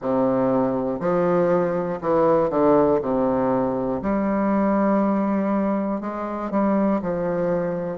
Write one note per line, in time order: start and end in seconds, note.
0.01 1.00 C3
1.00 2.00 F3
2.00 2.50 E3
2.50 3.00 D3
3.01 4.01 C3
4.01 6.00 G3
6.00 6.50 G#3
6.50 7.00 G3
7.01 7.97 F3